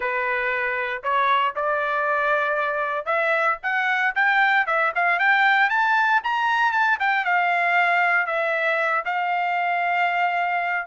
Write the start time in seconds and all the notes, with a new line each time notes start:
0.00 B4
1.03 C#5
1.55 D5
3.05 E5
3.63 F#5
4.15 G5
4.66 E5
4.95 F5
5.19 G5
5.69 A5
6.23 A#5
6.72 A5
6.99 G5
7.24 F5
8.26 E5
9.05 F5